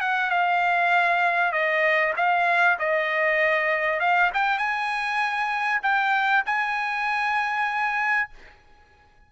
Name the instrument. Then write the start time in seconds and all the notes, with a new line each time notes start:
trumpet
0.00 F#5
0.30 F5
1.52 D#5
2.16 F5
2.79 D#5
4.00 F5
4.34 G5
4.58 G#5
5.82 G5
6.45 G#5